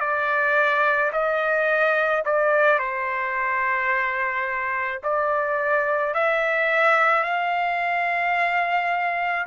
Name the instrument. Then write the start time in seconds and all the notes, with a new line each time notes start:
trumpet
0.00 D5
1.12 D#5
2.25 D5
2.79 C5
5.03 D5
6.14 E5
7.24 F5